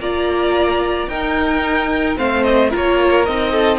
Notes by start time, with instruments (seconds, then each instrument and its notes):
0.00 cello A#3, viola F4, violin D5 A#5
1.08 cello D#4, viola D#4, violin A#4 G5
2.17 cello A3, viola C4, violin C5 F5
2.44 violin D#5
2.71 cello A#3, viola F4, violin A#4 C#5
3.26 cello C4, viola D#4, violin D#5
3.52 violin A4